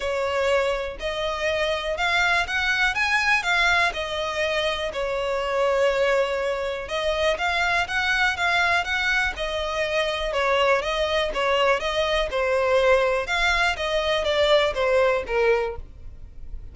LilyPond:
\new Staff \with { instrumentName = "violin" } { \time 4/4 \tempo 4 = 122 cis''2 dis''2 | f''4 fis''4 gis''4 f''4 | dis''2 cis''2~ | cis''2 dis''4 f''4 |
fis''4 f''4 fis''4 dis''4~ | dis''4 cis''4 dis''4 cis''4 | dis''4 c''2 f''4 | dis''4 d''4 c''4 ais'4 | }